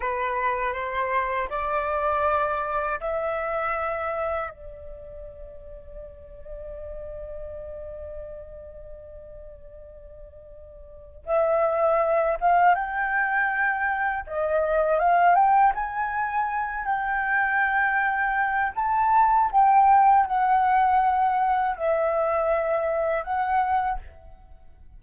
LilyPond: \new Staff \with { instrumentName = "flute" } { \time 4/4 \tempo 4 = 80 b'4 c''4 d''2 | e''2 d''2~ | d''1~ | d''2. e''4~ |
e''8 f''8 g''2 dis''4 | f''8 g''8 gis''4. g''4.~ | g''4 a''4 g''4 fis''4~ | fis''4 e''2 fis''4 | }